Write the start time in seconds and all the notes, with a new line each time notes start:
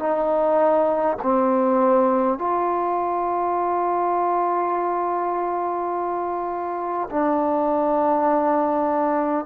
0.00 D#4
1.23 C4
2.39 F4
7.11 D4